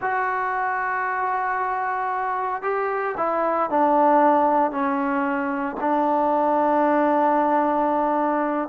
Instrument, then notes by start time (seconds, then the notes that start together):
trombone
0.01 F#4
2.62 G4
3.17 E4
3.70 D4
4.71 C#4
5.80 D4